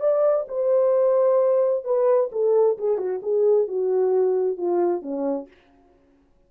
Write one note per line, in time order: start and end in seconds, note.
0.00 0.45 D5
0.48 1.84 C5
1.84 2.30 B4
2.32 2.77 A4
2.78 2.97 G#4
2.97 3.20 F#4
3.22 3.67 G#4
3.67 4.57 F#4
4.57 5.02 F4
5.02 5.47 C#4